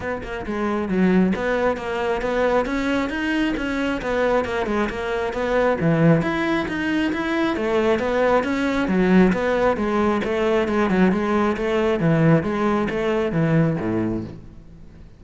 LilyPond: \new Staff \with { instrumentName = "cello" } { \time 4/4 \tempo 4 = 135 b8 ais8 gis4 fis4 b4 | ais4 b4 cis'4 dis'4 | cis'4 b4 ais8 gis8 ais4 | b4 e4 e'4 dis'4 |
e'4 a4 b4 cis'4 | fis4 b4 gis4 a4 | gis8 fis8 gis4 a4 e4 | gis4 a4 e4 a,4 | }